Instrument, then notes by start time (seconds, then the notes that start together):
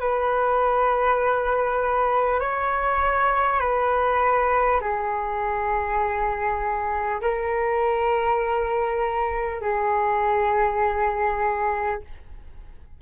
flute
0.00 B4
2.40 C#5
3.60 B4
4.81 G#4
7.22 A#4
9.61 G#4